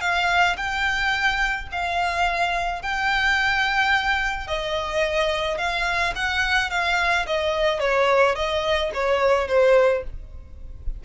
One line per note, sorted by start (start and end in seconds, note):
0.00 0.56 F5
0.57 1.68 G5
1.71 2.82 F5
2.82 4.47 G5
4.47 5.57 D#5
5.57 6.13 F5
6.15 6.70 F#5
6.70 7.25 F5
7.26 7.79 D#5
7.79 8.35 C#5
8.35 8.90 D#5
8.93 9.47 C#5
9.47 10.03 C5